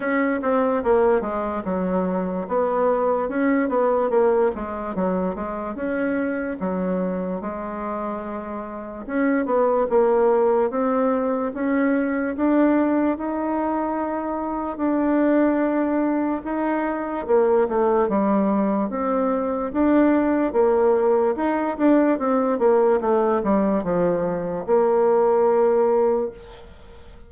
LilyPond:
\new Staff \with { instrumentName = "bassoon" } { \time 4/4 \tempo 4 = 73 cis'8 c'8 ais8 gis8 fis4 b4 | cis'8 b8 ais8 gis8 fis8 gis8 cis'4 | fis4 gis2 cis'8 b8 | ais4 c'4 cis'4 d'4 |
dis'2 d'2 | dis'4 ais8 a8 g4 c'4 | d'4 ais4 dis'8 d'8 c'8 ais8 | a8 g8 f4 ais2 | }